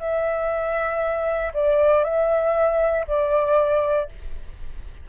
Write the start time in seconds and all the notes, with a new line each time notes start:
0.00 E5
1.54 D5
2.04 E5
3.07 D5